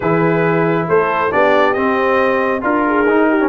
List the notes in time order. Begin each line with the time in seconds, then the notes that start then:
0.00 E3 E4 G#4 B4
0.88 A3 A4 C5
1.30 B3 D4 G4 D5
1.73 C4 D#5
2.61 D4 F4 A#4
2.85 G#4
3.05 D#4
3.29 G4
3.40 C#4